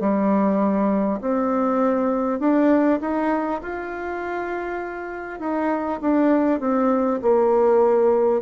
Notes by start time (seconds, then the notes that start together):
0.00 G3
1.21 C4
2.39 D4
3.01 D#4
3.62 F4
5.39 D#4
6.02 D4
6.60 C4
7.22 A#3